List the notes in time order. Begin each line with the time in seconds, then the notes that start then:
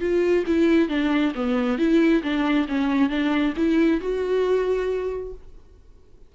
0.00 F4
0.47 E4
0.89 D4
1.35 B3
1.78 E4
2.23 D4
2.68 C#4
3.09 D4
3.57 E4
4.01 F#4